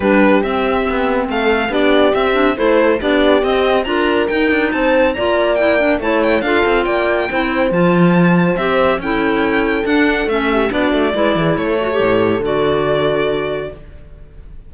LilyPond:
<<
  \new Staff \with { instrumentName = "violin" } { \time 4/4 \tempo 4 = 140 b'4 e''2 f''4 | d''4 e''4 c''4 d''4 | dis''4 ais''4 g''4 a''4 | ais''4 g''4 a''8 g''8 f''4 |
g''2 a''2 | e''4 g''2 fis''4 | e''4 d''2 cis''4~ | cis''4 d''2. | }
  \new Staff \with { instrumentName = "horn" } { \time 4/4 g'2. a'4 | g'2 a'4 g'4~ | g'4 ais'2 c''4 | d''2 cis''4 a'4 |
d''4 c''2.~ | c''4 a'2.~ | a'8 g'8 fis'4 b'8 gis'8 a'4~ | a'1 | }
  \new Staff \with { instrumentName = "clarinet" } { \time 4/4 d'4 c'2. | d'4 c'8 d'8 e'4 d'4 | c'4 f'4 dis'2 | f'4 e'8 d'8 e'4 f'4~ |
f'4 e'4 f'2 | g'4 e'2 d'4 | cis'4 d'4 e'4. fis'16 g'16~ | g'4 fis'2. | }
  \new Staff \with { instrumentName = "cello" } { \time 4/4 g4 c'4 b4 a4 | b4 c'4 a4 b4 | c'4 d'4 dis'8 d'8 c'4 | ais2 a4 d'8 c'8 |
ais4 c'4 f2 | c'4 cis'2 d'4 | a4 b8 a8 gis8 e8 a4 | a,4 d2. | }
>>